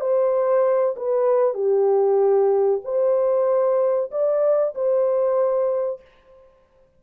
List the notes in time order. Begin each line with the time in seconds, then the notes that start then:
0.00 C5
0.96 B4
1.54 G4
2.84 C5
4.11 D5
4.74 C5